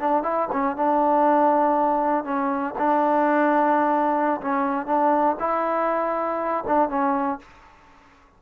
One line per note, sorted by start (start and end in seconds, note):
0.00 0.23 D4
0.23 0.48 E4
0.52 0.77 C#4
0.77 2.24 D4
2.24 2.74 C#4
2.78 4.41 D4
4.41 4.86 C#4
4.86 5.36 D4
5.40 6.65 E4
6.67 6.89 D4
6.89 7.39 C#4